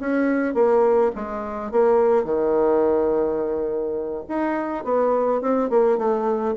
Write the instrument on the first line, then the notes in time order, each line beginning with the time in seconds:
bassoon
0.00 C#4
0.54 A#3
1.15 G#3
1.71 A#3
2.24 D#3
4.28 D#4
4.84 B3
5.41 C4
5.69 A#3
5.98 A3